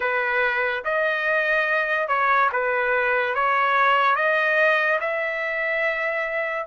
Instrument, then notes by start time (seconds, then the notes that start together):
trumpet
0.00 B4
0.84 D#5
2.08 C#5
2.52 B4
3.34 C#5
4.15 D#5
5.00 E5